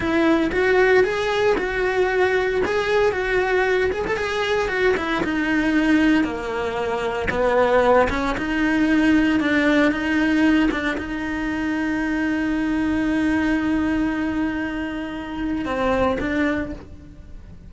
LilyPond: \new Staff \with { instrumentName = "cello" } { \time 4/4 \tempo 4 = 115 e'4 fis'4 gis'4 fis'4~ | fis'4 gis'4 fis'4. gis'16 a'16 | gis'4 fis'8 e'8 dis'2 | ais2 b4. cis'8 |
dis'2 d'4 dis'4~ | dis'8 d'8 dis'2.~ | dis'1~ | dis'2 c'4 d'4 | }